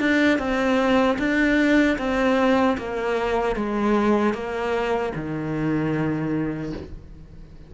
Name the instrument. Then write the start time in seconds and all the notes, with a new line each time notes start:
cello
0.00 D4
0.38 C4
1.18 D4
1.98 C4
2.78 A#3
3.56 G#3
4.34 A#3
5.15 D#3